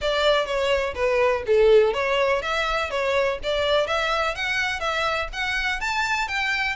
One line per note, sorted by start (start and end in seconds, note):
0.01 0.45 D5
0.45 0.94 C#5
0.95 1.43 B4
1.46 1.93 A4
1.93 2.41 C#5
2.42 2.90 E5
2.90 3.38 C#5
3.43 3.86 D5
3.86 4.35 E5
4.35 4.80 F#5
4.80 5.28 E5
5.32 5.80 F#5
5.80 6.27 A5
6.27 6.75 G5